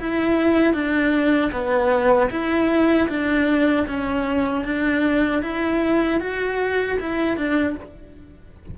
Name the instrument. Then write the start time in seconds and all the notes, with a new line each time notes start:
cello
0.00 E4
0.74 D4
1.52 B3
2.30 E4
3.09 D4
3.87 C#4
4.65 D4
5.43 E4
6.21 F#4
7.00 E4
7.37 D4